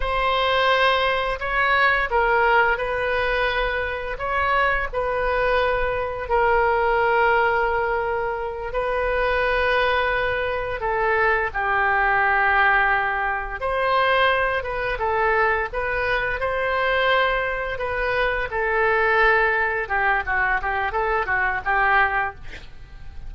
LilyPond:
\new Staff \with { instrumentName = "oboe" } { \time 4/4 \tempo 4 = 86 c''2 cis''4 ais'4 | b'2 cis''4 b'4~ | b'4 ais'2.~ | ais'8 b'2. a'8~ |
a'8 g'2. c''8~ | c''4 b'8 a'4 b'4 c''8~ | c''4. b'4 a'4.~ | a'8 g'8 fis'8 g'8 a'8 fis'8 g'4 | }